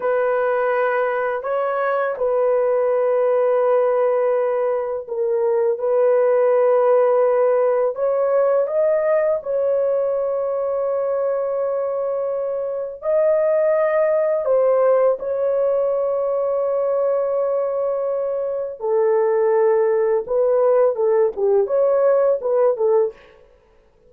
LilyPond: \new Staff \with { instrumentName = "horn" } { \time 4/4 \tempo 4 = 83 b'2 cis''4 b'4~ | b'2. ais'4 | b'2. cis''4 | dis''4 cis''2.~ |
cis''2 dis''2 | c''4 cis''2.~ | cis''2 a'2 | b'4 a'8 g'8 cis''4 b'8 a'8 | }